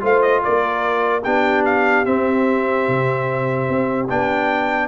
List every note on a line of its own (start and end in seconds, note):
0.00 0.43 A3
0.00 1.22 F4
0.00 0.43 C5
0.00 0.22 F5
0.22 0.42 D#5
0.44 1.26 A#3
0.44 1.24 A#4
0.44 1.23 D5
1.23 2.07 B3
1.23 2.06 D4
1.23 4.88 G4
1.23 1.64 G5
1.65 2.05 F5
2.05 4.08 C4
2.05 2.88 C4
2.05 4.08 E5
2.88 3.68 C3
3.68 4.09 C4
4.09 4.88 B3
4.09 4.88 D4
4.09 4.88 G5